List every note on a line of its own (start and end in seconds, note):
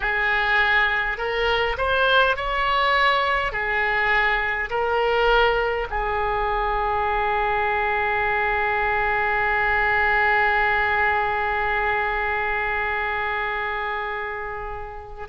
0.00 1.17 G#4
1.17 1.76 A#4
1.77 2.36 C5
2.36 3.51 C#5
3.51 4.69 G#4
4.70 5.87 A#4
5.90 15.28 G#4